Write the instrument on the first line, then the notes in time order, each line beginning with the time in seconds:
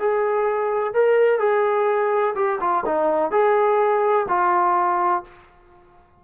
trombone
0.00 G#4
0.94 A#4
1.39 G#4
2.35 G4
2.61 F4
2.86 D#4
3.32 G#4
4.29 F4